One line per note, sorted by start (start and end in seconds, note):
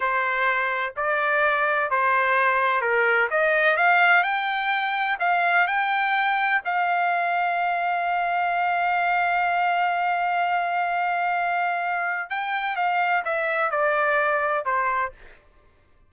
0.00 0.93 C5
0.96 1.90 D5
1.90 2.81 C5
2.81 3.28 A#4
3.30 3.76 D#5
3.76 4.23 F5
4.23 5.17 G5
5.19 5.67 F5
5.67 6.61 G5
6.64 12.29 F5
12.29 12.76 G5
12.76 13.23 F5
13.24 13.71 E5
13.71 14.65 D5
14.65 15.12 C5